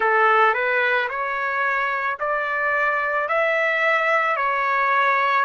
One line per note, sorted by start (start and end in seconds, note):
0.00 0.54 A4
0.54 1.08 B4
1.09 2.18 C#5
2.19 3.28 D5
3.28 4.36 E5
4.36 5.44 C#5